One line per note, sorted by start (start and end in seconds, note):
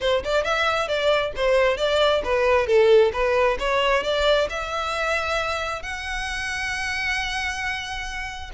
0.01 0.23 C5
0.24 0.44 D5
0.44 0.87 E5
0.87 1.32 D5
1.36 1.77 C5
1.77 2.22 D5
2.23 2.66 B4
2.66 3.11 A4
3.12 3.57 B4
3.59 4.03 C#5
4.03 4.48 D5
4.49 5.82 E5
5.82 8.51 F#5